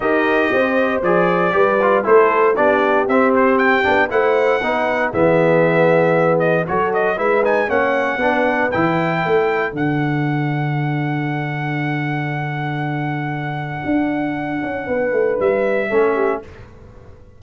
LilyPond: <<
  \new Staff \with { instrumentName = "trumpet" } { \time 4/4 \tempo 4 = 117 dis''2 d''2 | c''4 d''4 e''8 c''8 g''4 | fis''2 e''2~ | e''8 dis''8 cis''8 dis''8 e''8 gis''8 fis''4~ |
fis''4 g''2 fis''4~ | fis''1~ | fis''1~ | fis''2 e''2 | }
  \new Staff \with { instrumentName = "horn" } { \time 4/4 ais'4 c''2 b'4 | a'4 g'2. | c''4 b'4 gis'2~ | gis'4 a'4 b'4 cis''4 |
b'2 a'2~ | a'1~ | a'1~ | a'4 b'2 a'8 g'8 | }
  \new Staff \with { instrumentName = "trombone" } { \time 4/4 g'2 gis'4 g'8 f'8 | e'4 d'4 c'4. d'8 | e'4 dis'4 b2~ | b4 fis'4 e'8 dis'8 cis'4 |
d'4 e'2 d'4~ | d'1~ | d'1~ | d'2. cis'4 | }
  \new Staff \with { instrumentName = "tuba" } { \time 4/4 dis'4 c'4 f4 g4 | a4 b4 c'4. b8 | a4 b4 e2~ | e4 fis4 gis4 ais4 |
b4 e4 a4 d4~ | d1~ | d2. d'4~ | d'8 cis'8 b8 a8 g4 a4 | }
>>